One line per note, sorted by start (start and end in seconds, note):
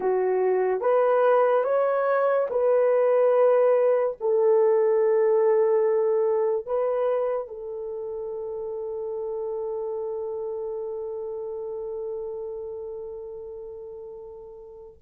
0.00 0.80 F#4
0.80 1.64 B4
1.64 2.47 C#5
2.50 4.16 B4
4.20 6.66 A4
6.66 7.47 B4
7.47 14.97 A4